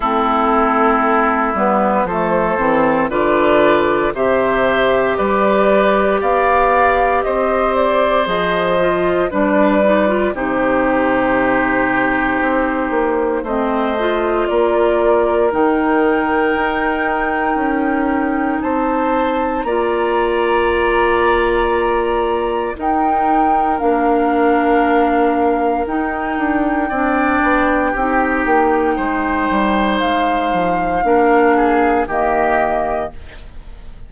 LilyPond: <<
  \new Staff \with { instrumentName = "flute" } { \time 4/4 \tempo 4 = 58 a'4. b'8 c''4 d''4 | e''4 d''4 f''4 dis''8 d''8 | dis''4 d''4 c''2~ | c''4 dis''4 d''4 g''4~ |
g''2 a''4 ais''4~ | ais''2 g''4 f''4~ | f''4 g''2.~ | g''4 f''2 dis''4 | }
  \new Staff \with { instrumentName = "oboe" } { \time 4/4 e'2 a'4 b'4 | c''4 b'4 d''4 c''4~ | c''4 b'4 g'2~ | g'4 c''4 ais'2~ |
ais'2 c''4 d''4~ | d''2 ais'2~ | ais'2 d''4 g'4 | c''2 ais'8 gis'8 g'4 | }
  \new Staff \with { instrumentName = "clarinet" } { \time 4/4 c'4. b8 a8 c'8 f'4 | g'1 | gis'8 f'8 d'8 dis'16 f'16 dis'2~ | dis'4 c'8 f'4. dis'4~ |
dis'2. f'4~ | f'2 dis'4 d'4~ | d'4 dis'4 d'4 dis'4~ | dis'2 d'4 ais4 | }
  \new Staff \with { instrumentName = "bassoon" } { \time 4/4 a4. g8 f8 e8 d4 | c4 g4 b4 c'4 | f4 g4 c2 | c'8 ais8 a4 ais4 dis4 |
dis'4 cis'4 c'4 ais4~ | ais2 dis'4 ais4~ | ais4 dis'8 d'8 c'8 b8 c'8 ais8 | gis8 g8 gis8 f8 ais4 dis4 | }
>>